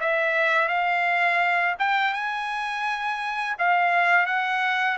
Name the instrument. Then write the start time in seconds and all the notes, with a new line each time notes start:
trumpet
0.00 E5
0.68 F5
1.79 G5
2.13 G#5
3.59 F5
4.26 F#5